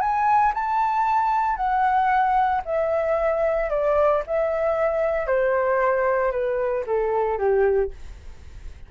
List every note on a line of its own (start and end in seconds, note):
0.00 0.53 G#5
0.53 1.56 A5
1.56 2.61 F#5
2.65 3.70 E5
3.70 4.22 D5
4.26 5.27 E5
5.27 6.31 C5
6.31 6.84 B4
6.86 7.38 A4
7.38 7.90 G4